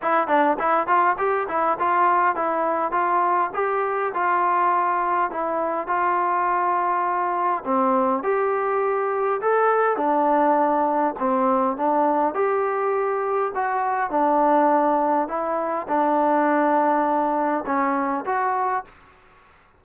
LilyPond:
\new Staff \with { instrumentName = "trombone" } { \time 4/4 \tempo 4 = 102 e'8 d'8 e'8 f'8 g'8 e'8 f'4 | e'4 f'4 g'4 f'4~ | f'4 e'4 f'2~ | f'4 c'4 g'2 |
a'4 d'2 c'4 | d'4 g'2 fis'4 | d'2 e'4 d'4~ | d'2 cis'4 fis'4 | }